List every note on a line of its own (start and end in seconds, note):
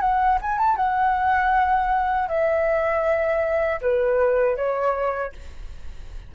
0.00 0.38 F#5
0.41 0.58 G#5
0.58 0.76 A5
0.76 2.28 F#5
2.28 3.80 E5
3.81 4.56 B4
4.56 5.32 C#5